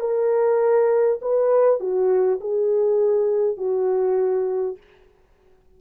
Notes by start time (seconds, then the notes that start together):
0.00 A#4
1.22 B4
1.80 F#4
2.41 G#4
3.57 F#4